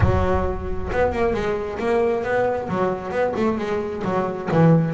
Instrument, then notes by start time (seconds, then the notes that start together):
double bass
0.00 F#3
0.92 B3
1.12 A#3
1.33 G#3
1.79 A#3
2.23 B3
2.68 F#3
3.10 B3
3.36 A3
3.58 G#3
4.04 F#3
4.51 E3